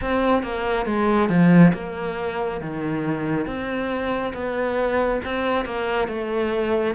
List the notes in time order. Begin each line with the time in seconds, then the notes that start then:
0.01 C4
0.42 A#3
0.85 G#3
1.28 F3
1.74 A#3
2.60 D#3
3.46 C4
4.33 B3
5.25 C4
5.65 A#3
6.08 A3